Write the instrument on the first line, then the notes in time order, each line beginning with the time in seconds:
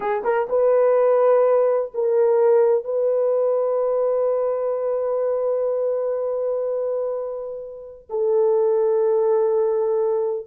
horn
0.00 G#4
0.24 A#4
0.49 B4
1.94 A#4
2.84 B4
8.09 A4